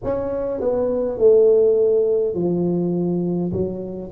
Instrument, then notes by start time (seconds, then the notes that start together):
tuba
0.03 C#4
0.60 B3
1.18 A3
2.34 F3
3.52 F#3